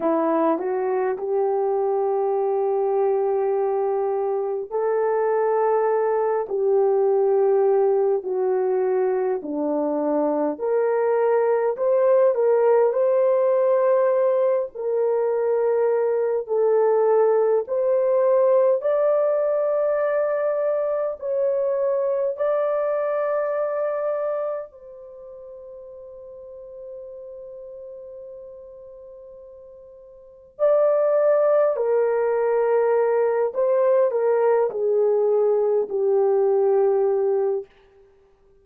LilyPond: \new Staff \with { instrumentName = "horn" } { \time 4/4 \tempo 4 = 51 e'8 fis'8 g'2. | a'4. g'4. fis'4 | d'4 ais'4 c''8 ais'8 c''4~ | c''8 ais'4. a'4 c''4 |
d''2 cis''4 d''4~ | d''4 c''2.~ | c''2 d''4 ais'4~ | ais'8 c''8 ais'8 gis'4 g'4. | }